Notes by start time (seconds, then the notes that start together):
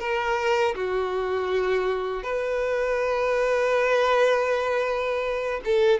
0.00 A#4
0.75 F#4
2.24 B4
5.65 A4